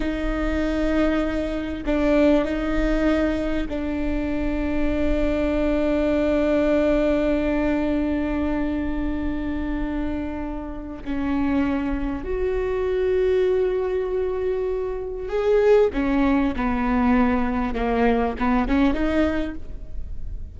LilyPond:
\new Staff \with { instrumentName = "viola" } { \time 4/4 \tempo 4 = 98 dis'2. d'4 | dis'2 d'2~ | d'1~ | d'1~ |
d'2 cis'2 | fis'1~ | fis'4 gis'4 cis'4 b4~ | b4 ais4 b8 cis'8 dis'4 | }